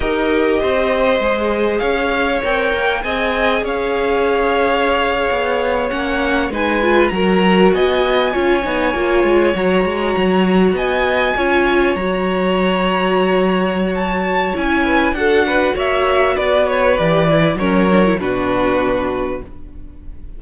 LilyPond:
<<
  \new Staff \with { instrumentName = "violin" } { \time 4/4 \tempo 4 = 99 dis''2. f''4 | g''4 gis''4 f''2~ | f''4.~ f''16 fis''4 gis''4 ais''16~ | ais''8. gis''2. ais''16~ |
ais''4.~ ais''16 gis''2 ais''16~ | ais''2. a''4 | gis''4 fis''4 e''4 d''8 cis''8 | d''4 cis''4 b'2 | }
  \new Staff \with { instrumentName = "violin" } { \time 4/4 ais'4 c''2 cis''4~ | cis''4 dis''4 cis''2~ | cis''2~ cis''8. b'4 ais'16~ | ais'8. dis''4 cis''2~ cis''16~ |
cis''4.~ cis''16 dis''4 cis''4~ cis''16~ | cis''1~ | cis''8 b'8 a'8 b'8 cis''4 b'4~ | b'4 ais'4 fis'2 | }
  \new Staff \with { instrumentName = "viola" } { \time 4/4 g'2 gis'2 | ais'4 gis'2.~ | gis'4.~ gis'16 cis'4 dis'8 f'8 fis'16~ | fis'4.~ fis'16 f'8 dis'8 f'4 fis'16~ |
fis'2~ fis'8. f'4 fis'16~ | fis'1 | e'4 fis'2. | g'8 e'8 cis'8 d'16 e'16 d'2 | }
  \new Staff \with { instrumentName = "cello" } { \time 4/4 dis'4 c'4 gis4 cis'4 | c'8 ais8 c'4 cis'2~ | cis'8. b4 ais4 gis4 fis16~ | fis8. b4 cis'8 b8 ais8 gis8 fis16~ |
fis16 gis8 fis4 b4 cis'4 fis16~ | fis1 | cis'4 d'4 ais4 b4 | e4 fis4 b,2 | }
>>